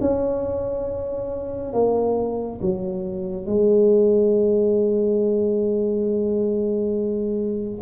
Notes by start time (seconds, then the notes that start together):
0.00 C#4
1.73 A#3
2.61 F#3
3.45 G#3